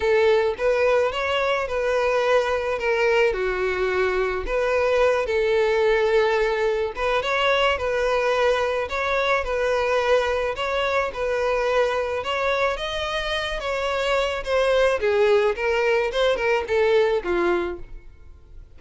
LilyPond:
\new Staff \with { instrumentName = "violin" } { \time 4/4 \tempo 4 = 108 a'4 b'4 cis''4 b'4~ | b'4 ais'4 fis'2 | b'4. a'2~ a'8~ | a'8 b'8 cis''4 b'2 |
cis''4 b'2 cis''4 | b'2 cis''4 dis''4~ | dis''8 cis''4. c''4 gis'4 | ais'4 c''8 ais'8 a'4 f'4 | }